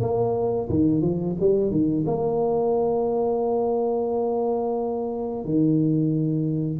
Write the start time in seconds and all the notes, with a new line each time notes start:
0.00 A#3
0.69 D#3
1.01 F3
1.39 G3
1.70 D#3
2.06 A#3
5.45 D#3